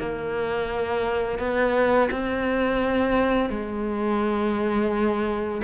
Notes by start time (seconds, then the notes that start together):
0.00 A#3
1.39 B3
2.11 C4
3.50 G#3